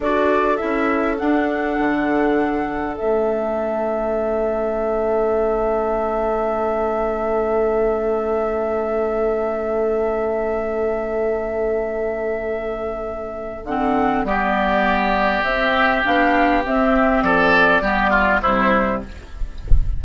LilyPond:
<<
  \new Staff \with { instrumentName = "flute" } { \time 4/4 \tempo 4 = 101 d''4 e''4 fis''2~ | fis''4 e''2.~ | e''1~ | e''1~ |
e''1~ | e''2. fis''4 | d''2 e''4 f''4 | e''4 d''2 c''4 | }
  \new Staff \with { instrumentName = "oboe" } { \time 4/4 a'1~ | a'1~ | a'1~ | a'1~ |
a'1~ | a'1 | g'1~ | g'4 a'4 g'8 f'8 e'4 | }
  \new Staff \with { instrumentName = "clarinet" } { \time 4/4 fis'4 e'4 d'2~ | d'4 cis'2.~ | cis'1~ | cis'1~ |
cis'1~ | cis'2. c'4 | b2 c'4 d'4 | c'2 b4 g4 | }
  \new Staff \with { instrumentName = "bassoon" } { \time 4/4 d'4 cis'4 d'4 d4~ | d4 a2.~ | a1~ | a1~ |
a1~ | a2. d4 | g2 c'4 b4 | c'4 f4 g4 c4 | }
>>